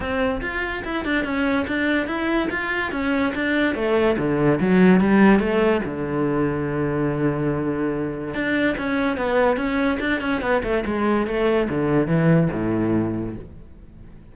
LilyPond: \new Staff \with { instrumentName = "cello" } { \time 4/4 \tempo 4 = 144 c'4 f'4 e'8 d'8 cis'4 | d'4 e'4 f'4 cis'4 | d'4 a4 d4 fis4 | g4 a4 d2~ |
d1 | d'4 cis'4 b4 cis'4 | d'8 cis'8 b8 a8 gis4 a4 | d4 e4 a,2 | }